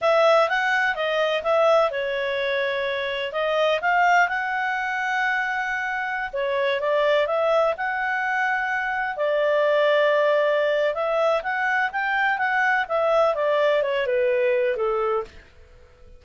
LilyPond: \new Staff \with { instrumentName = "clarinet" } { \time 4/4 \tempo 4 = 126 e''4 fis''4 dis''4 e''4 | cis''2. dis''4 | f''4 fis''2.~ | fis''4~ fis''16 cis''4 d''4 e''8.~ |
e''16 fis''2. d''8.~ | d''2. e''4 | fis''4 g''4 fis''4 e''4 | d''4 cis''8 b'4. a'4 | }